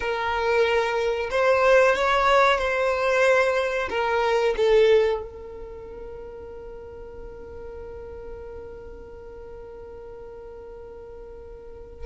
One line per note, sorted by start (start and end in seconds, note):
0.00 1.30 A#4
1.30 1.95 C5
1.95 2.58 C#5
2.58 3.88 C5
3.89 4.54 A#4
4.56 5.21 A4
5.21 12.06 A#4